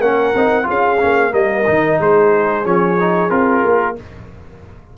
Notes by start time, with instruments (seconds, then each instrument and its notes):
0.00 tuba A#3, trombone C#4, horn A#4, trumpet F#5
0.34 tuba C4, trombone D#4
0.63 trombone F4, horn G#4
0.70 tuba C#4, trumpet F5
1.00 tuba A#3, trombone C#4
1.31 tuba G3, trombone A#3, horn A#4, trumpet D#5
1.66 tuba D#3, trombone D#4
2.00 tuba G#3, horn G#4, trumpet C5
2.64 tuba F3, trombone C#4, trumpet C#5
3.00 trombone D#4
3.30 tuba C4, trombone F4, trumpet A#4
3.64 tuba A#3